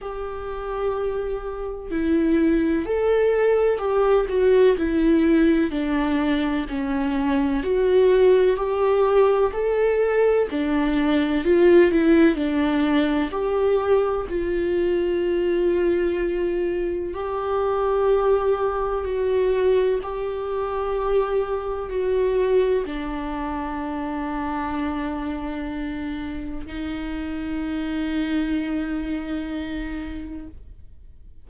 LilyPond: \new Staff \with { instrumentName = "viola" } { \time 4/4 \tempo 4 = 63 g'2 e'4 a'4 | g'8 fis'8 e'4 d'4 cis'4 | fis'4 g'4 a'4 d'4 | f'8 e'8 d'4 g'4 f'4~ |
f'2 g'2 | fis'4 g'2 fis'4 | d'1 | dis'1 | }